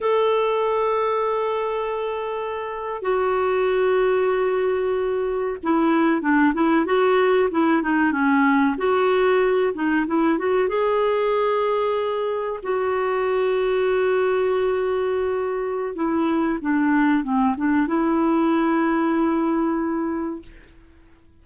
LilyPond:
\new Staff \with { instrumentName = "clarinet" } { \time 4/4 \tempo 4 = 94 a'1~ | a'8. fis'2.~ fis'16~ | fis'8. e'4 d'8 e'8 fis'4 e'16~ | e'16 dis'8 cis'4 fis'4. dis'8 e'16~ |
e'16 fis'8 gis'2. fis'16~ | fis'1~ | fis'4 e'4 d'4 c'8 d'8 | e'1 | }